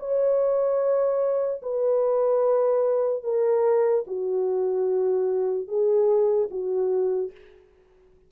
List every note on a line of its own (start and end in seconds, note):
0.00 1.62 C#5
1.63 3.24 B4
3.24 4.05 A#4
4.07 5.68 F#4
5.68 6.49 G#4
6.51 7.32 F#4